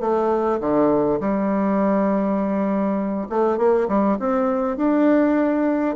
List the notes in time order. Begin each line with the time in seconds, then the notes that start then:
0.00 A3
0.60 D3
1.20 G3
3.29 A3
3.58 A#3
3.88 G3
4.19 C4
4.77 D4